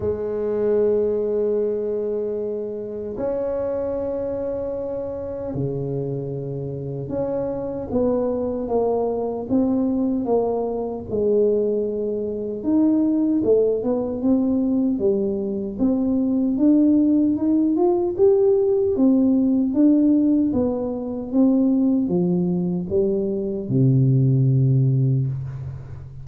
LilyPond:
\new Staff \with { instrumentName = "tuba" } { \time 4/4 \tempo 4 = 76 gis1 | cis'2. cis4~ | cis4 cis'4 b4 ais4 | c'4 ais4 gis2 |
dis'4 a8 b8 c'4 g4 | c'4 d'4 dis'8 f'8 g'4 | c'4 d'4 b4 c'4 | f4 g4 c2 | }